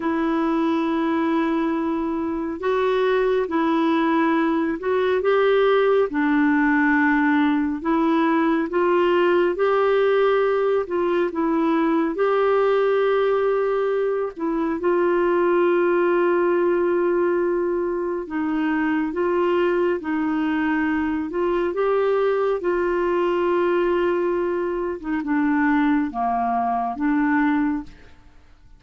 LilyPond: \new Staff \with { instrumentName = "clarinet" } { \time 4/4 \tempo 4 = 69 e'2. fis'4 | e'4. fis'8 g'4 d'4~ | d'4 e'4 f'4 g'4~ | g'8 f'8 e'4 g'2~ |
g'8 e'8 f'2.~ | f'4 dis'4 f'4 dis'4~ | dis'8 f'8 g'4 f'2~ | f'8. dis'16 d'4 ais4 d'4 | }